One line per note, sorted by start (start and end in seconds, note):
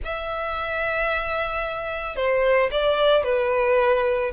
0.04 2.16 E5
2.16 2.70 C5
2.71 3.23 D5
3.23 4.31 B4